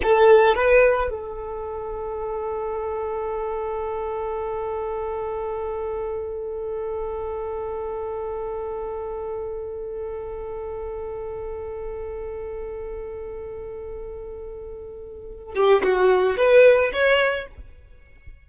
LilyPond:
\new Staff \with { instrumentName = "violin" } { \time 4/4 \tempo 4 = 110 a'4 b'4 a'2~ | a'1~ | a'1~ | a'1~ |
a'1~ | a'1~ | a'1~ | a'8 g'8 fis'4 b'4 cis''4 | }